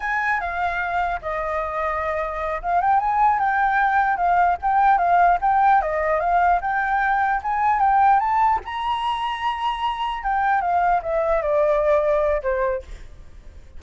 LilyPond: \new Staff \with { instrumentName = "flute" } { \time 4/4 \tempo 4 = 150 gis''4 f''2 dis''4~ | dis''2~ dis''8 f''8 g''8 gis''8~ | gis''8 g''2 f''4 g''8~ | g''8 f''4 g''4 dis''4 f''8~ |
f''8 g''2 gis''4 g''8~ | g''8 a''4 ais''2~ ais''8~ | ais''4. g''4 f''4 e''8~ | e''8 d''2~ d''8 c''4 | }